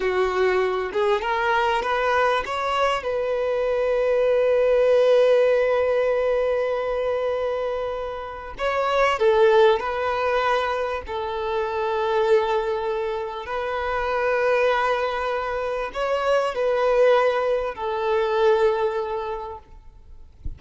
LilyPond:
\new Staff \with { instrumentName = "violin" } { \time 4/4 \tempo 4 = 98 fis'4. gis'8 ais'4 b'4 | cis''4 b'2.~ | b'1~ | b'2 cis''4 a'4 |
b'2 a'2~ | a'2 b'2~ | b'2 cis''4 b'4~ | b'4 a'2. | }